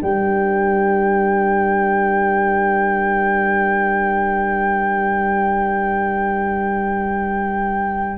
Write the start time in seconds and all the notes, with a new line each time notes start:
0.00 G3 D4 A#4 G5